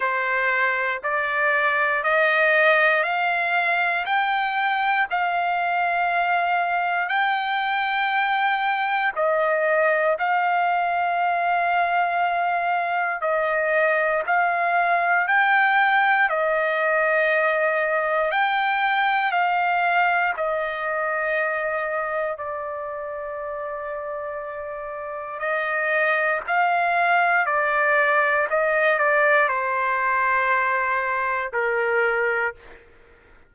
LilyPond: \new Staff \with { instrumentName = "trumpet" } { \time 4/4 \tempo 4 = 59 c''4 d''4 dis''4 f''4 | g''4 f''2 g''4~ | g''4 dis''4 f''2~ | f''4 dis''4 f''4 g''4 |
dis''2 g''4 f''4 | dis''2 d''2~ | d''4 dis''4 f''4 d''4 | dis''8 d''8 c''2 ais'4 | }